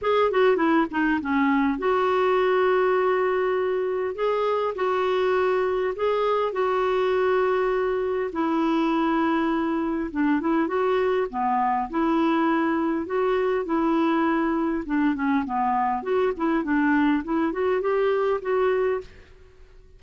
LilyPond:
\new Staff \with { instrumentName = "clarinet" } { \time 4/4 \tempo 4 = 101 gis'8 fis'8 e'8 dis'8 cis'4 fis'4~ | fis'2. gis'4 | fis'2 gis'4 fis'4~ | fis'2 e'2~ |
e'4 d'8 e'8 fis'4 b4 | e'2 fis'4 e'4~ | e'4 d'8 cis'8 b4 fis'8 e'8 | d'4 e'8 fis'8 g'4 fis'4 | }